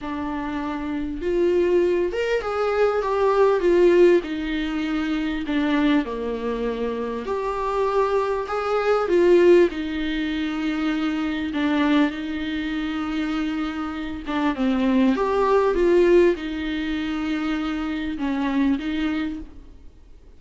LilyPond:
\new Staff \with { instrumentName = "viola" } { \time 4/4 \tempo 4 = 99 d'2 f'4. ais'8 | gis'4 g'4 f'4 dis'4~ | dis'4 d'4 ais2 | g'2 gis'4 f'4 |
dis'2. d'4 | dis'2.~ dis'8 d'8 | c'4 g'4 f'4 dis'4~ | dis'2 cis'4 dis'4 | }